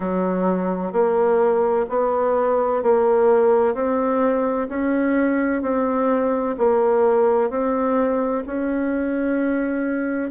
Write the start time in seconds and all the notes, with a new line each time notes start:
0.00 F#3
0.92 A#3
1.89 B3
2.82 A#3
3.74 C4
4.68 C#4
5.62 C4
6.58 A#3
7.50 C4
8.46 C#4